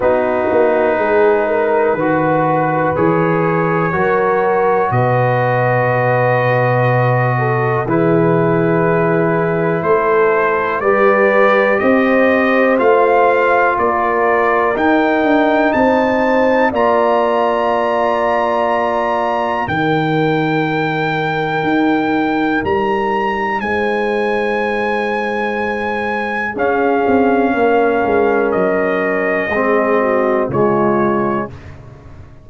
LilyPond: <<
  \new Staff \with { instrumentName = "trumpet" } { \time 4/4 \tempo 4 = 61 b'2. cis''4~ | cis''4 dis''2. | b'2 c''4 d''4 | dis''4 f''4 d''4 g''4 |
a''4 ais''2. | g''2. ais''4 | gis''2. f''4~ | f''4 dis''2 cis''4 | }
  \new Staff \with { instrumentName = "horn" } { \time 4/4 fis'4 gis'8 ais'8 b'2 | ais'4 b'2~ b'8 a'8 | gis'2 a'4 b'4 | c''2 ais'2 |
c''4 d''2. | ais'1 | c''2. gis'4 | ais'2 gis'8 fis'8 f'4 | }
  \new Staff \with { instrumentName = "trombone" } { \time 4/4 dis'2 fis'4 gis'4 | fis'1 | e'2. g'4~ | g'4 f'2 dis'4~ |
dis'4 f'2. | dis'1~ | dis'2. cis'4~ | cis'2 c'4 gis4 | }
  \new Staff \with { instrumentName = "tuba" } { \time 4/4 b8 ais8 gis4 dis4 e4 | fis4 b,2. | e2 a4 g4 | c'4 a4 ais4 dis'8 d'8 |
c'4 ais2. | dis2 dis'4 g4 | gis2. cis'8 c'8 | ais8 gis8 fis4 gis4 cis4 | }
>>